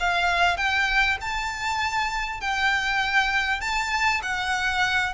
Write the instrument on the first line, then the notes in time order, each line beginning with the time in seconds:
violin
0.00 F5
0.57 G5
1.21 A5
2.41 G5
3.61 A5
4.23 F#5